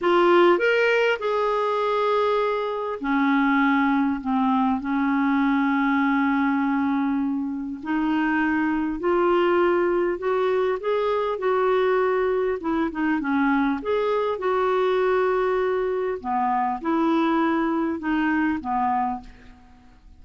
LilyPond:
\new Staff \with { instrumentName = "clarinet" } { \time 4/4 \tempo 4 = 100 f'4 ais'4 gis'2~ | gis'4 cis'2 c'4 | cis'1~ | cis'4 dis'2 f'4~ |
f'4 fis'4 gis'4 fis'4~ | fis'4 e'8 dis'8 cis'4 gis'4 | fis'2. b4 | e'2 dis'4 b4 | }